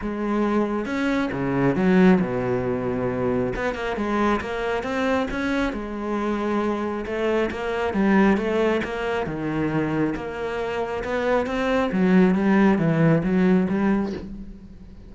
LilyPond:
\new Staff \with { instrumentName = "cello" } { \time 4/4 \tempo 4 = 136 gis2 cis'4 cis4 | fis4 b,2. | b8 ais8 gis4 ais4 c'4 | cis'4 gis2. |
a4 ais4 g4 a4 | ais4 dis2 ais4~ | ais4 b4 c'4 fis4 | g4 e4 fis4 g4 | }